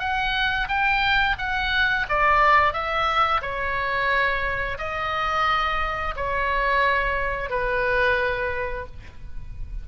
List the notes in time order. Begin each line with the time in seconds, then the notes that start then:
0.00 F#5
0.68 G5
1.39 F#5
2.09 D5
2.73 E5
3.42 C#5
4.79 D#5
6.16 C#5
7.50 B4